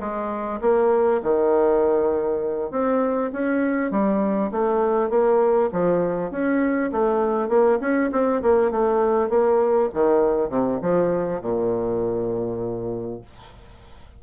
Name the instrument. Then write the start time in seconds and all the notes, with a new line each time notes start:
bassoon
0.00 G#3
0.61 A#3
1.23 D#3
2.71 C4
3.33 C#4
3.91 G3
4.52 A3
5.10 A#3
5.72 F3
6.31 C#4
6.92 A3
7.49 A#3
7.81 C#4
8.12 C4
8.43 A#3
8.71 A3
9.30 A#3
9.94 D#3
10.50 C3
10.82 F3
11.42 A#2